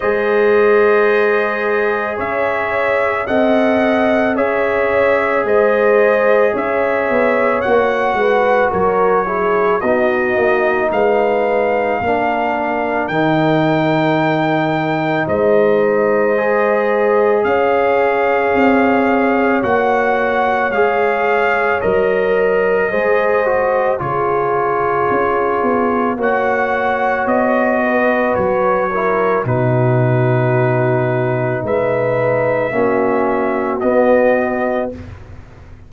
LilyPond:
<<
  \new Staff \with { instrumentName = "trumpet" } { \time 4/4 \tempo 4 = 55 dis''2 e''4 fis''4 | e''4 dis''4 e''4 fis''4 | cis''4 dis''4 f''2 | g''2 dis''2 |
f''2 fis''4 f''4 | dis''2 cis''2 | fis''4 dis''4 cis''4 b'4~ | b'4 e''2 dis''4 | }
  \new Staff \with { instrumentName = "horn" } { \time 4/4 c''2 cis''4 dis''4 | cis''4 c''4 cis''4. b'8 | ais'8 gis'8 fis'4 b'4 ais'4~ | ais'2 c''2 |
cis''1~ | cis''4 c''4 gis'2 | cis''4. b'4 ais'8 fis'4~ | fis'4 b'4 fis'2 | }
  \new Staff \with { instrumentName = "trombone" } { \time 4/4 gis'2. a'4 | gis'2. fis'4~ | fis'8 e'8 dis'2 d'4 | dis'2. gis'4~ |
gis'2 fis'4 gis'4 | ais'4 gis'8 fis'8 f'2 | fis'2~ fis'8 e'8 dis'4~ | dis'2 cis'4 b4 | }
  \new Staff \with { instrumentName = "tuba" } { \time 4/4 gis2 cis'4 c'4 | cis'4 gis4 cis'8 b8 ais8 gis8 | fis4 b8 ais8 gis4 ais4 | dis2 gis2 |
cis'4 c'4 ais4 gis4 | fis4 gis4 cis4 cis'8 b8 | ais4 b4 fis4 b,4~ | b,4 gis4 ais4 b4 | }
>>